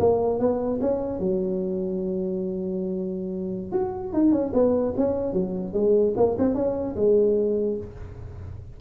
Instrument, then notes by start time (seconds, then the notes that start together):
tuba
0.00 A#3
0.40 B3
0.81 C#4
1.20 F#3
3.73 F#4
4.14 D#4
4.32 C#4
4.54 B3
4.97 C#4
5.34 F#3
5.74 G#3
6.17 A#3
6.39 C4
6.55 C#4
6.96 G#3